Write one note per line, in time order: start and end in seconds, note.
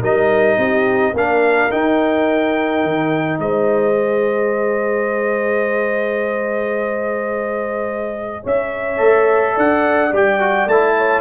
0.00 0.57 G3
0.00 1.14 D#4
0.00 0.56 A#4
0.00 1.16 D#5
0.57 1.13 C4
0.57 1.13 G4
1.13 1.69 A#3
1.13 1.71 D4
1.13 3.39 A#4
1.13 1.71 F5
1.71 3.93 D#4
1.71 2.83 D#4
1.71 3.39 G5
2.83 3.39 D#3
3.39 8.43 G#3
3.39 8.43 C5
3.39 8.45 D#5
3.93 8.98 G#4
8.43 8.99 C#4
8.43 9.54 C#5
8.43 9.58 E5
8.98 9.55 A3
8.98 10.10 A4
9.54 10.12 D4
9.54 10.95 D5
9.54 10.14 F#5
10.12 10.66 G3
10.12 10.40 G4
10.12 10.68 G5
10.40 10.68 F#4
10.66 11.20 A3
10.66 11.20 E4
10.66 11.20 A5
10.97 11.20 C#5